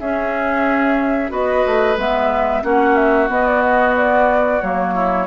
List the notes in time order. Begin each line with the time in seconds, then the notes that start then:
0.00 C#4 G#4 E5
1.29 B3 F#4 B4 D#5
1.66 A3
1.97 G#3 B3 E5
2.63 A#3 C#4 F#4 F#5
2.96 E5
3.29 B3 D#5
3.47 D5
3.62 D#5
3.97 D5
4.61 F#3 A#3 C#5
4.95 E4